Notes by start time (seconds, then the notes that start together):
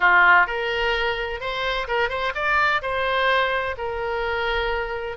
0.00 F4
0.46 A#4
1.40 C5
1.87 A#4
2.09 C5
2.34 D5
2.81 C5
3.77 A#4